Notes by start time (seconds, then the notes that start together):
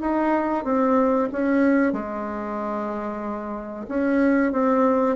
0.00 D#4
0.64 C4
1.32 C#4
1.93 G#3
3.88 C#4
4.52 C4